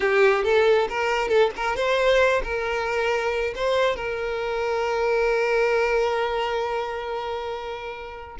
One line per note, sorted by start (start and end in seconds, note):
0.00 0.44 G4
0.44 0.88 A4
0.89 1.28 A#4
1.28 1.50 A4
1.56 1.75 A#4
1.75 2.42 C5
2.43 3.54 A#4
3.55 3.95 C5
3.95 8.37 A#4